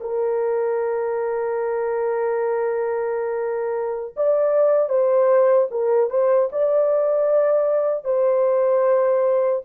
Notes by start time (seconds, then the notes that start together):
0.00 A#4
4.16 D5
4.89 C5
5.71 A#4
6.10 C5
6.52 D5
8.04 C5